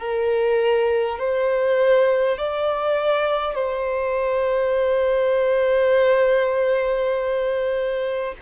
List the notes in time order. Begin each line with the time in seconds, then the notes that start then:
0.00 A#4
1.19 C5
2.37 D5
3.55 C5